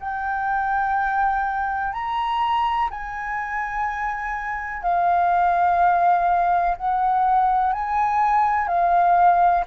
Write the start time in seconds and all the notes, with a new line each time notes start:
0.00 G5
1.93 A#5
2.91 G#5
4.83 F5
6.77 F#5
7.73 G#5
8.68 F5